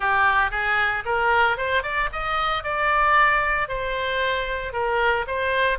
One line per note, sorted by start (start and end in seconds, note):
0.00 0.50 G4
0.50 1.03 G#4
1.05 1.57 A#4
1.57 1.83 C5
1.83 2.09 D5
2.12 2.63 D#5
2.63 3.68 D5
3.68 4.72 C5
4.72 5.25 A#4
5.27 5.78 C5